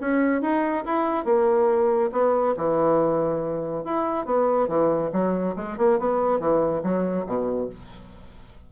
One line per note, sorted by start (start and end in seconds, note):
0.00 0.41 C#4
0.41 0.84 D#4
0.85 1.24 E4
1.24 2.10 A#3
2.12 2.55 B3
2.57 3.84 E3
3.84 4.25 E4
4.25 4.68 B3
4.68 5.11 E3
5.12 5.55 F#3
5.56 5.77 G#3
5.77 5.99 A#3
5.99 6.39 B3
6.39 6.82 E3
6.83 7.26 F#3
7.26 7.69 B2